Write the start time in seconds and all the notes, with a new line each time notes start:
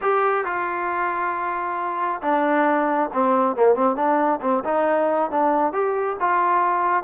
0.01 G4
0.45 F4
2.21 D4
3.13 C4
3.56 A#3
3.75 C4
3.95 D4
4.41 C4
4.64 D#4
5.30 D4
5.72 G4
6.20 F4